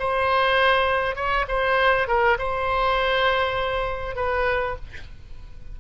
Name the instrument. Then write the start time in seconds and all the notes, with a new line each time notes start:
oboe
0.00 C5
1.16 C#5
1.48 C5
2.08 A#4
2.39 C5
4.16 B4